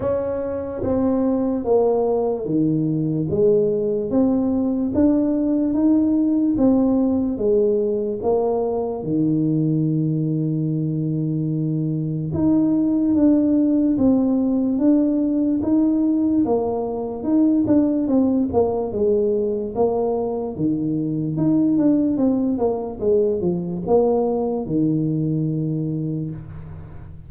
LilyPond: \new Staff \with { instrumentName = "tuba" } { \time 4/4 \tempo 4 = 73 cis'4 c'4 ais4 dis4 | gis4 c'4 d'4 dis'4 | c'4 gis4 ais4 dis4~ | dis2. dis'4 |
d'4 c'4 d'4 dis'4 | ais4 dis'8 d'8 c'8 ais8 gis4 | ais4 dis4 dis'8 d'8 c'8 ais8 | gis8 f8 ais4 dis2 | }